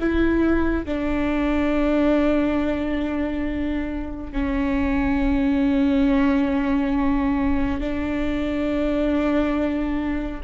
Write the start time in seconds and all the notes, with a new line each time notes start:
0.00 E4
0.86 D4
4.33 C#4
7.81 D4